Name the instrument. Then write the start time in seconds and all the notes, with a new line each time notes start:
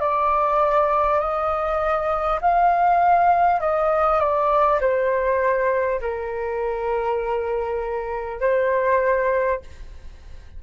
flute
0.00 D5
1.19 D#5
2.41 F5
3.60 D#5
4.19 D5
4.80 C5
6.00 A#4
8.40 C5